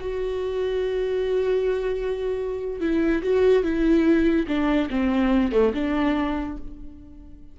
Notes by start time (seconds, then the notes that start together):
0.00 F#4
2.80 E4
3.22 F#4
3.63 E4
4.47 D4
4.90 C4
5.52 A3
5.74 D4